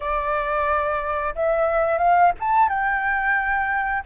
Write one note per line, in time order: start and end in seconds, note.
0.00 1.34 D5
1.35 1.98 E5
1.98 2.31 F5
2.40 2.68 A5
2.68 4.03 G5